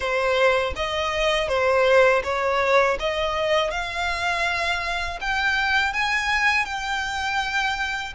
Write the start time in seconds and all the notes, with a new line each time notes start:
0.00 C5
0.75 D#5
1.48 C5
2.23 C#5
2.99 D#5
3.70 F5
5.21 G5
5.93 G#5
6.65 G5